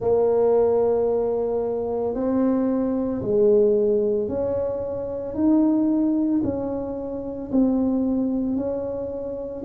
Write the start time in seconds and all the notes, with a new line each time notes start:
0.00 A#3
2.14 C4
3.21 G#3
4.28 C#4
5.34 D#4
6.43 C#4
7.51 C4
8.56 C#4